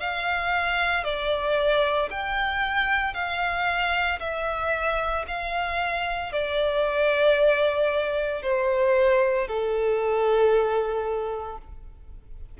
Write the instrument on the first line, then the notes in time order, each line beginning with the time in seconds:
violin
0.00 F5
1.04 D5
2.11 G5
3.14 F5
4.20 E5
5.28 F5
6.33 D5
8.43 C5
9.47 A4